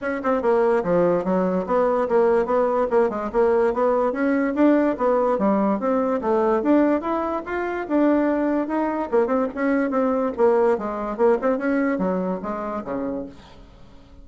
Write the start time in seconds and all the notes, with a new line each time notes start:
0.01 C#4
0.23 C4
0.41 A#3
0.83 F3
1.24 F#3
1.66 B3
2.08 A#3
2.45 B3
2.90 A#3
3.09 G#3
3.32 A#3
3.73 B3
4.12 C#4
4.54 D4
4.97 B3
5.38 G3
5.79 C4
6.21 A3
6.62 D4
7.01 E4
7.45 F4
7.88 D4
8.67 D#4
9.11 A#3
9.27 C4
9.54 C#4
9.90 C4
10.37 A#3
10.78 G#3
11.17 A#3
11.41 C4
11.58 C#4
11.98 F#3
12.42 G#3
12.84 C#3